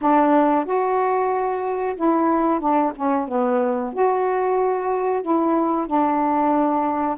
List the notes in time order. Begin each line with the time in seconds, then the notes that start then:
0.01 D4
0.65 F#4
1.96 E4
2.59 D4
2.95 C#4
3.28 B3
3.93 F#4
5.22 E4
5.86 D4